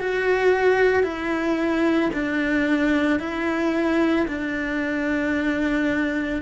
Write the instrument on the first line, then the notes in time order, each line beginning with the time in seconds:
cello
0.00 F#4
1.03 E4
2.13 D4
3.19 E4
4.28 D4